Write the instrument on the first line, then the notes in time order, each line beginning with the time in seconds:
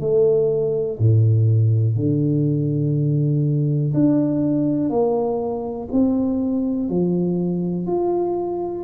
tuba
0.00 A3
0.99 A2
1.96 D3
3.93 D4
4.90 A#3
5.92 C4
6.89 F3
7.86 F4